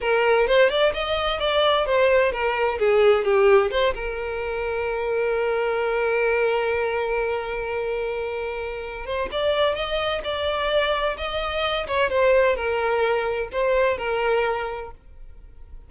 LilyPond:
\new Staff \with { instrumentName = "violin" } { \time 4/4 \tempo 4 = 129 ais'4 c''8 d''8 dis''4 d''4 | c''4 ais'4 gis'4 g'4 | c''8 ais'2.~ ais'8~ | ais'1~ |
ais'2.~ ais'8 c''8 | d''4 dis''4 d''2 | dis''4. cis''8 c''4 ais'4~ | ais'4 c''4 ais'2 | }